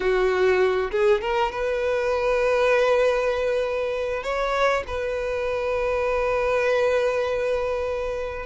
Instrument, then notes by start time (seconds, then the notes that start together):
violin
0.00 F#4
0.91 G#4
1.21 A#4
1.51 B4
4.23 C#5
4.87 B4